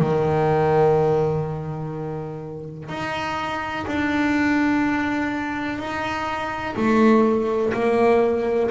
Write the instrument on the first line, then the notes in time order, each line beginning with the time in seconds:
double bass
0.00 D#3
2.89 D#4
3.88 D4
5.79 D#4
6.77 A3
7.74 A#3